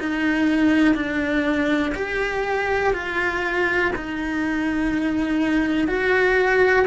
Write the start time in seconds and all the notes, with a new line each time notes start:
0.00 D#4
0.95 D4
1.95 G4
2.94 F4
3.96 D#4
5.88 F#4